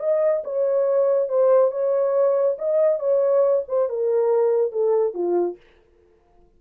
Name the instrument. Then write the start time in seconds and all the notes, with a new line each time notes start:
horn
0.00 D#5
0.44 C#5
1.29 C5
1.71 C#5
2.59 D#5
2.99 C#5
3.68 C5
3.89 A#4
4.72 A4
5.14 F4